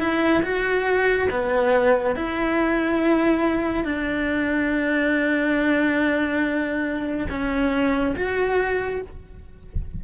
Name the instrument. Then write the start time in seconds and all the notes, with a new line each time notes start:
cello
0.00 E4
0.43 F#4
1.31 B3
2.16 E4
3.84 D4
7.29 C#4
8.16 F#4